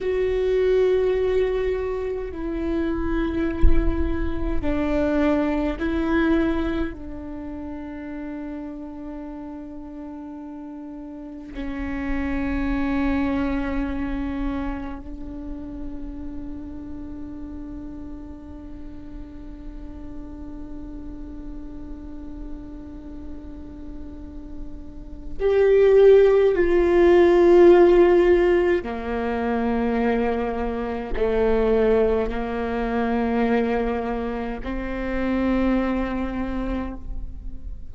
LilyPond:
\new Staff \with { instrumentName = "viola" } { \time 4/4 \tempo 4 = 52 fis'2 e'2 | d'4 e'4 d'2~ | d'2 cis'2~ | cis'4 d'2.~ |
d'1~ | d'2 g'4 f'4~ | f'4 ais2 a4 | ais2 c'2 | }